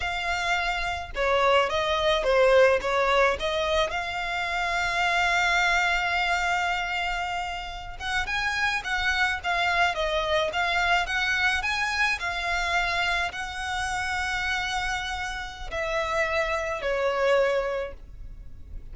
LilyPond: \new Staff \with { instrumentName = "violin" } { \time 4/4 \tempo 4 = 107 f''2 cis''4 dis''4 | c''4 cis''4 dis''4 f''4~ | f''1~ | f''2~ f''16 fis''8 gis''4 fis''16~ |
fis''8. f''4 dis''4 f''4 fis''16~ | fis''8. gis''4 f''2 fis''16~ | fis''1 | e''2 cis''2 | }